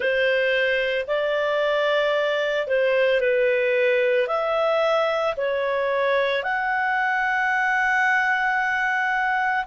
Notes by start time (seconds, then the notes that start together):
0.00 C5
1.07 D5
2.67 C5
3.20 B4
4.27 E5
5.36 C#5
6.43 F#5